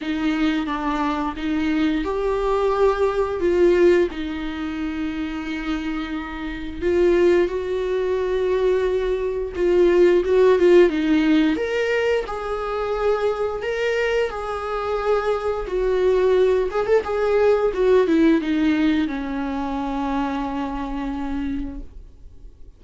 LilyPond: \new Staff \with { instrumentName = "viola" } { \time 4/4 \tempo 4 = 88 dis'4 d'4 dis'4 g'4~ | g'4 f'4 dis'2~ | dis'2 f'4 fis'4~ | fis'2 f'4 fis'8 f'8 |
dis'4 ais'4 gis'2 | ais'4 gis'2 fis'4~ | fis'8 gis'16 a'16 gis'4 fis'8 e'8 dis'4 | cis'1 | }